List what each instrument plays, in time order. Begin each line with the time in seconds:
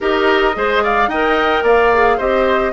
0.00 bassoon D#4, clarinet G4, oboe A#4, flute D#5
0.53 bassoon G#3, clarinet G#4, oboe C5
0.83 oboe D5, flute F5
1.07 bassoon D#4, clarinet A#4, oboe D#5, flute G5
1.63 bassoon A#3, oboe D5, flute F5
1.93 clarinet G#4
2.17 bassoon C4, clarinet G4, oboe C5, flute D#5